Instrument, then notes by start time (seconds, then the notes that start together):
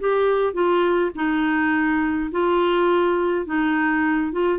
clarinet
0.00 G4
0.53 F4
1.15 D#4
2.31 F4
3.46 D#4
4.32 F4